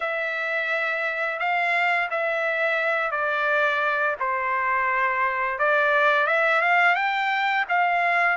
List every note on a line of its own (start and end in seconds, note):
0.00 1.39 E5
1.39 2.09 F5
2.10 3.11 E5
3.11 4.15 D5
4.19 5.58 C5
5.58 6.27 D5
6.27 6.61 E5
6.61 6.95 F5
6.95 7.65 G5
7.68 8.37 F5